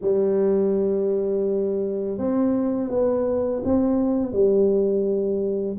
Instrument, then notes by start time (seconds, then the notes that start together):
tuba
0.01 G3
2.18 C4
2.89 B3
3.64 C4
4.32 G3